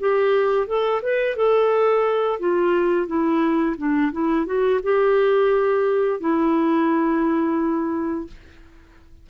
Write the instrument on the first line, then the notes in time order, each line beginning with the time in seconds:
clarinet
0.00 G4
0.67 A4
1.02 B4
1.36 A4
2.39 F4
3.07 E4
3.77 D4
4.13 E4
4.46 F#4
4.83 G4
6.20 E4